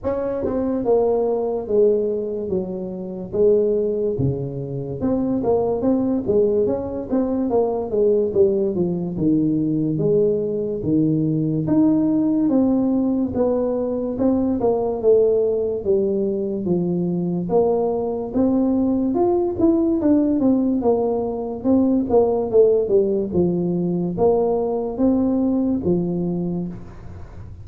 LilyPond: \new Staff \with { instrumentName = "tuba" } { \time 4/4 \tempo 4 = 72 cis'8 c'8 ais4 gis4 fis4 | gis4 cis4 c'8 ais8 c'8 gis8 | cis'8 c'8 ais8 gis8 g8 f8 dis4 | gis4 dis4 dis'4 c'4 |
b4 c'8 ais8 a4 g4 | f4 ais4 c'4 f'8 e'8 | d'8 c'8 ais4 c'8 ais8 a8 g8 | f4 ais4 c'4 f4 | }